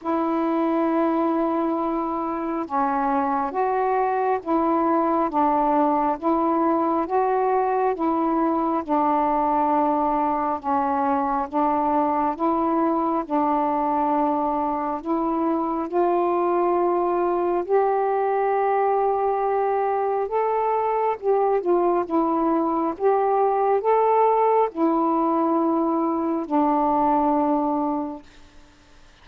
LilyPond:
\new Staff \with { instrumentName = "saxophone" } { \time 4/4 \tempo 4 = 68 e'2. cis'4 | fis'4 e'4 d'4 e'4 | fis'4 e'4 d'2 | cis'4 d'4 e'4 d'4~ |
d'4 e'4 f'2 | g'2. a'4 | g'8 f'8 e'4 g'4 a'4 | e'2 d'2 | }